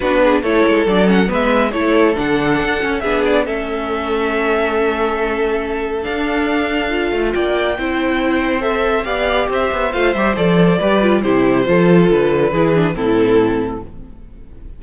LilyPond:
<<
  \new Staff \with { instrumentName = "violin" } { \time 4/4 \tempo 4 = 139 b'4 cis''4 d''8 fis''8 e''4 | cis''4 fis''2 e''8 d''8 | e''1~ | e''2 f''2~ |
f''4 g''2. | e''4 f''4 e''4 f''8 e''8 | d''2 c''2 | b'2 a'2 | }
  \new Staff \with { instrumentName = "violin" } { \time 4/4 fis'8 gis'8 a'2 b'4 | a'2. gis'4 | a'1~ | a'1~ |
a'4 d''4 c''2~ | c''4 d''4 c''2~ | c''4 b'4 g'4 a'4~ | a'4 gis'4 e'2 | }
  \new Staff \with { instrumentName = "viola" } { \time 4/4 d'4 e'4 d'8 cis'8 b4 | e'4 d'4. cis'8 d'4 | cis'1~ | cis'2 d'2 |
f'2 e'2 | a'4 g'2 f'8 g'8 | a'4 g'8 f'8 e'4 f'4~ | f'4 e'8 d'8 c'2 | }
  \new Staff \with { instrumentName = "cello" } { \time 4/4 b4 a8 gis8 fis4 gis4 | a4 d4 d'8 cis'8 b4 | a1~ | a2 d'2~ |
d'8 a8 ais4 c'2~ | c'4 b4 c'8 b8 a8 g8 | f4 g4 c4 f4 | d4 e4 a,2 | }
>>